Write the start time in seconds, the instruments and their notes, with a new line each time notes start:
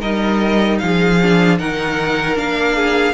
0.00 cello G3, viola D#4, violin A#4 D#5
0.78 cello F3, violin G#4 F5
1.22 viola D4
1.59 cello D#3, viola D#4, violin A#4 F#5
2.35 cello A#3, viola D4, violin F5
2.76 violin G#4